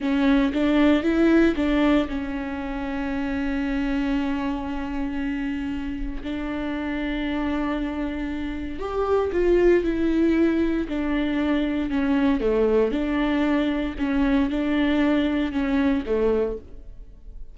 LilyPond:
\new Staff \with { instrumentName = "viola" } { \time 4/4 \tempo 4 = 116 cis'4 d'4 e'4 d'4 | cis'1~ | cis'1 | d'1~ |
d'4 g'4 f'4 e'4~ | e'4 d'2 cis'4 | a4 d'2 cis'4 | d'2 cis'4 a4 | }